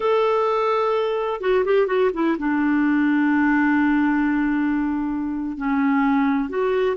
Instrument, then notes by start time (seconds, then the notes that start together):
clarinet
0.00 A4
1.40 F#4
1.64 G4
1.86 F#4
2.13 E4
2.38 D4
5.57 C#4
6.49 F#4